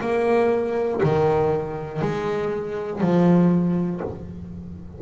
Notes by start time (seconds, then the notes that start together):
0.00 A#3
1.03 D#3
2.01 G#3
3.00 F3